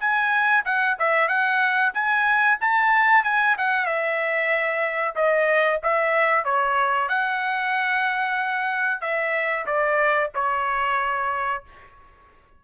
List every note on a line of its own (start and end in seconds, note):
0.00 0.65 G#5
0.65 0.97 F#5
0.99 1.28 E5
1.28 1.93 F#5
1.94 2.59 G#5
2.61 3.24 A5
3.24 3.56 G#5
3.58 3.86 F#5
3.86 5.15 E5
5.16 5.80 D#5
5.83 6.45 E5
6.45 7.09 C#5
7.09 9.01 F#5
9.01 9.66 E5
9.67 10.31 D5
10.35 11.64 C#5